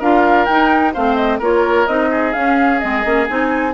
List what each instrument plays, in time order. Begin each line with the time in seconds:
0.00 bassoon D4, clarinet F4, oboe A#4, flute F5
0.46 bassoon D#4, clarinet D#4, flute G5
0.94 bassoon A3, clarinet C4, oboe C5, flute F5
1.16 flute D#5
1.39 bassoon A#3, clarinet F4, oboe A#4, flute C#5
1.88 bassoon C4, clarinet D#4, flute D#5
2.12 oboe G#4
2.33 clarinet C#4, bassoon C#4, flute F5
2.80 bassoon G#3, clarinet C4, flute D#5
3.04 bassoon A#3, clarinet C#4
3.28 bassoon C4, clarinet D#4, flute G#5